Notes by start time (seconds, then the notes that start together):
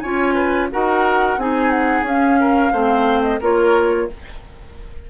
0.00 C#4 F4 C#5 G#5
0.35 B4
0.71 D#4 F#4 A#4 F#5
1.37 C4 D#4 G#4 G#5
1.71 F#5
2.02 C#4 F5
2.10 C#4
2.41 A#4
2.72 A3 C4 C5
3.23 D#5
3.40 A#3 F4 A#4 C#5